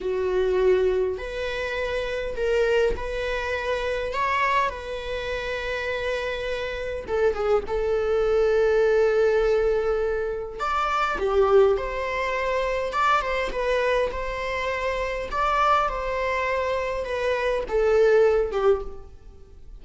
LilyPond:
\new Staff \with { instrumentName = "viola" } { \time 4/4 \tempo 4 = 102 fis'2 b'2 | ais'4 b'2 cis''4 | b'1 | a'8 gis'8 a'2.~ |
a'2 d''4 g'4 | c''2 d''8 c''8 b'4 | c''2 d''4 c''4~ | c''4 b'4 a'4. g'8 | }